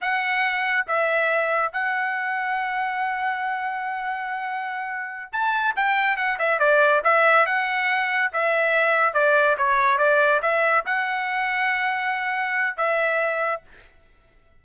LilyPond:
\new Staff \with { instrumentName = "trumpet" } { \time 4/4 \tempo 4 = 141 fis''2 e''2 | fis''1~ | fis''1~ | fis''8 a''4 g''4 fis''8 e''8 d''8~ |
d''8 e''4 fis''2 e''8~ | e''4. d''4 cis''4 d''8~ | d''8 e''4 fis''2~ fis''8~ | fis''2 e''2 | }